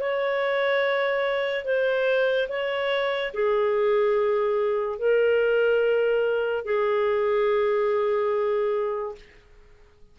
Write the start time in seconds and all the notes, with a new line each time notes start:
0.00 C#5
1.64 C5
2.48 C#5
3.33 G#4
4.98 A#4
6.65 G#4